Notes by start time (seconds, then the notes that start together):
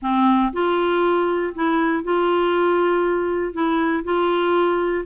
0.01 C4
0.52 F4
1.54 E4
2.03 F4
3.53 E4
4.04 F4